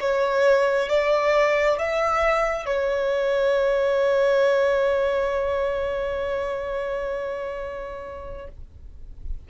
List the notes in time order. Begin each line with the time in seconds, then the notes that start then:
0.00 C#5
0.89 D5
1.78 E5
2.65 C#5